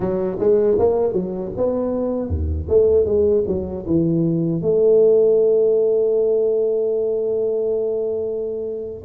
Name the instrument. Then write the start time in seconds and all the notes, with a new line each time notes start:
tuba
0.00 F#3
0.38 G#3
0.78 A#3
1.12 F#3
1.56 B3
2.29 D#2
2.69 A3
3.05 G#3
3.47 F#3
3.86 E3
4.61 A3